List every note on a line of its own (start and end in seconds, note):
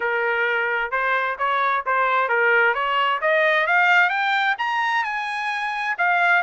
0.00 0.91 A#4
0.91 1.36 C5
1.38 1.84 C#5
1.86 2.29 C5
2.29 2.74 A#4
2.74 3.20 C#5
3.21 3.66 D#5
3.66 4.09 F5
4.09 4.55 G5
4.58 5.03 A#5
5.03 5.95 G#5
5.98 6.42 F5